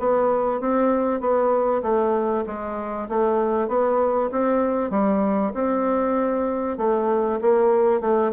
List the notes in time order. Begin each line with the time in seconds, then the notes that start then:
0.00 B3
0.61 C4
1.21 B3
1.83 A3
2.47 G#3
3.09 A3
3.69 B3
4.32 C4
4.91 G3
5.54 C4
6.78 A3
7.42 A#3
8.01 A3